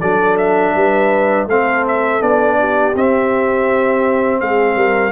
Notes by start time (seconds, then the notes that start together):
0.00 F#3 D4 A4 D5
0.37 E5
0.74 G3 B4
1.47 A3 C4 A4 F5
1.87 E5
2.20 B3 D4 D5
2.59 G4
2.95 C4 E5
4.40 G#3 G#4 F5
4.75 G3 A#4